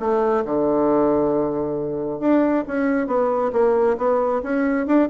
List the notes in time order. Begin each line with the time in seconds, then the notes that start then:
0.00 A3
0.45 D3
2.20 D4
2.67 C#4
3.07 B3
3.53 A#3
3.98 B3
4.43 C#4
4.86 D4